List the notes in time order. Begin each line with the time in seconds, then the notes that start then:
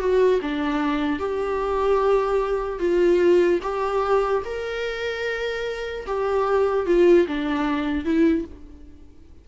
0.00 F#4
0.42 D4
1.20 G4
2.80 F4
3.63 G4
4.45 A#4
6.07 G4
6.87 F4
7.28 D4
8.05 E4